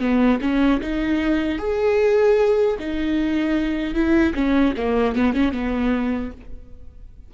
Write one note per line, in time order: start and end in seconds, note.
0.00 0.39 B3
0.41 0.81 C#4
0.81 1.59 D#4
1.59 2.77 G#4
2.80 3.94 D#4
3.94 4.34 E4
4.35 4.74 C#4
4.77 5.16 A#3
5.16 5.34 B3
5.34 5.52 C#4
5.52 6.31 B3